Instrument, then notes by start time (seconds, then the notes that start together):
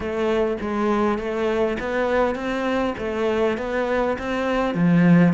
cello
0.00 A3
0.60 G#3
1.18 A3
1.79 B3
2.35 C4
2.98 A3
3.57 B3
4.18 C4
4.74 F3